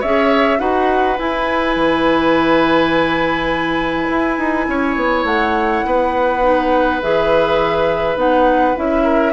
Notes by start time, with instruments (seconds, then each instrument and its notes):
0.00 bassoon C#4, clarinet G#4, oboe C#5, flute E5
0.58 bassoon D#4, clarinet F#4, oboe B4, flute F#5
1.18 clarinet E4, bassoon E4, flute G#5
1.75 bassoon E3
4.10 bassoon E4
4.38 bassoon D#4
4.67 bassoon C#4, oboe C#5
4.96 bassoon B3
5.24 bassoon A3, flute F#5
5.85 bassoon B3, oboe B4
6.43 clarinet D#4
7.02 bassoon E3, clarinet G#4, flute E5
8.16 bassoon B3, clarinet D#4, flute F#5
8.75 bassoon C#4, clarinet E4, flute E5
9.04 oboe A#4